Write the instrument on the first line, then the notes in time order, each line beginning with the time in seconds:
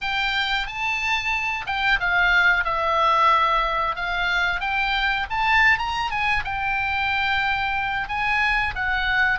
oboe
0.01 G5
0.66 A5
1.66 G5
2.00 F5
2.64 E5
3.95 F5
4.60 G5
5.30 A5
5.78 A#5
6.10 G#5
6.44 G5
8.08 G#5
8.75 F#5